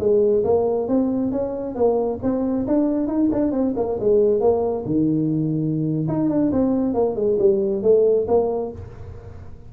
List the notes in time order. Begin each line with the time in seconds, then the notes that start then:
0.00 G#3
0.44 A#3
0.88 C4
1.32 C#4
1.75 A#3
2.23 C4
2.68 D4
3.08 D#4
3.32 D4
3.52 C4
3.77 A#3
4.00 G#3
4.41 A#3
4.86 D#3
6.08 D#4
6.30 D4
6.53 C4
6.94 A#3
7.16 G#3
7.39 G3
7.83 A3
8.28 A#3